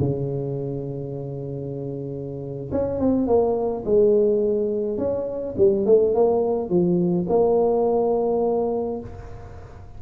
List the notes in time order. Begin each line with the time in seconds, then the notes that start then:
0.00 C#3
2.72 C#4
3.00 C4
3.28 A#3
3.85 G#3
4.98 C#4
5.58 G3
5.86 A3
6.15 A#3
6.70 F3
7.29 A#3